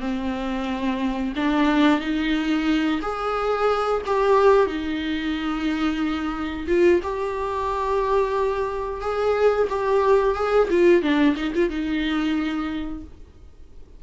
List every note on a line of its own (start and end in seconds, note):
0.00 1.33 C4
1.36 2.00 D4
2.00 3.00 D#4
3.02 4.02 G#4
4.06 4.66 G4
4.66 6.66 D#4
6.67 7.00 F4
7.03 9.01 G4
9.01 9.67 G#4
9.69 10.35 G4
10.35 10.68 G#4
10.70 11.02 F4
11.02 11.35 D4
11.36 11.52 D#4
11.55 11.69 F4
11.69 13.03 D#4